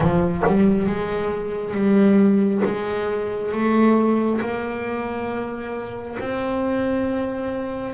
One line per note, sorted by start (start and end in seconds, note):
0.00 0.43 F3
0.47 0.86 G3
0.86 1.74 G#3
1.74 2.62 G3
2.64 3.52 G#3
3.52 4.40 A3
4.40 6.17 A#3
6.20 7.93 C4